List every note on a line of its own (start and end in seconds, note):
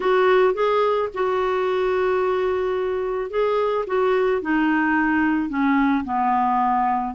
0.00 0.54 F#4
0.54 1.09 G#4
1.13 3.30 F#4
3.30 3.85 G#4
3.87 4.41 F#4
4.41 5.49 D#4
5.49 6.04 C#4
6.04 7.14 B3